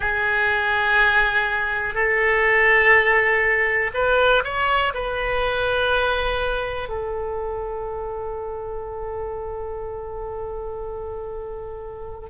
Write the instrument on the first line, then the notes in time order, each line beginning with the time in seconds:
oboe
0.00 G#4
1.94 A4
3.93 B4
4.44 C#5
4.94 B4
6.89 A4